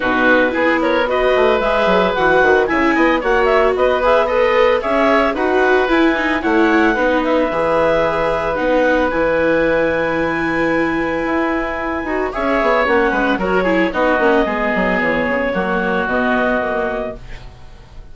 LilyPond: <<
  \new Staff \with { instrumentName = "clarinet" } { \time 4/4 \tempo 4 = 112 b'4. cis''8 dis''4 e''4 | fis''4 gis''4 fis''8 e''8 dis''8 e''8 | b'4 e''4 fis''4 gis''4 | fis''4. e''2~ e''8 |
fis''4 gis''2.~ | gis''2. e''4 | fis''4 cis''4 dis''2 | cis''2 dis''2 | }
  \new Staff \with { instrumentName = "oboe" } { \time 4/4 fis'4 gis'8 ais'8 b'2~ | b'4 e''8 dis''8 cis''4 b'4 | dis''4 cis''4 b'2 | cis''4 b'2.~ |
b'1~ | b'2. cis''4~ | cis''8 b'8 ais'8 gis'8 fis'4 gis'4~ | gis'4 fis'2. | }
  \new Staff \with { instrumentName = "viola" } { \time 4/4 dis'4 e'4 fis'4 gis'4 | fis'4 e'4 fis'4. gis'8 | a'4 gis'4 fis'4 e'8 dis'8 | e'4 dis'4 gis'2 |
dis'4 e'2.~ | e'2~ e'8 fis'8 gis'4 | cis'4 fis'8 e'8 dis'8 cis'8 b4~ | b4 ais4 b4 ais4 | }
  \new Staff \with { instrumentName = "bassoon" } { \time 4/4 b,4 b4. a8 gis8 fis8 | e8 dis8 cis8 b8 ais4 b4~ | b4 cis'4 dis'4 e'4 | a4 b4 e2 |
b4 e2.~ | e4 e'4. dis'8 cis'8 b8 | ais8 gis8 fis4 b8 ais8 gis8 fis8 | e8 cis8 fis4 b,2 | }
>>